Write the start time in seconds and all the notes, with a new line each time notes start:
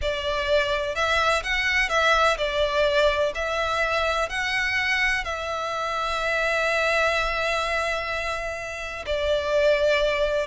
0.01 D5
0.95 E5
1.43 F#5
1.89 E5
2.37 D5
3.34 E5
4.29 F#5
5.24 E5
9.06 D5